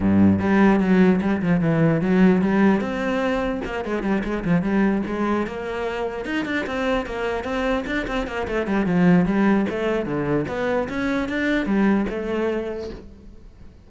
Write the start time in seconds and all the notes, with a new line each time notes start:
0.00 G2
0.39 G3
0.80 F#3
1.21 G3
1.42 F3
1.61 E3
2.01 F#3
2.41 G3
2.80 C4
3.64 A#3
3.84 G#3
4.02 G3
4.24 G#3
4.44 F3
4.62 G3
5.06 G#3
5.47 A#3
6.25 D#4
6.45 D4
6.66 C4
7.06 A#3
7.44 C4
7.86 D4
8.07 C4
8.27 A#3
8.47 A3
8.66 G3
8.86 F3
9.25 G3
9.69 A3
10.05 D3
10.48 B3
10.89 C#4
11.28 D4
11.65 G3
12.09 A3